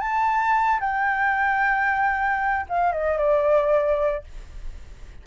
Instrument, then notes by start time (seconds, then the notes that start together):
flute
0.00 A5
0.80 G5
2.69 F5
2.92 D#5
3.17 D5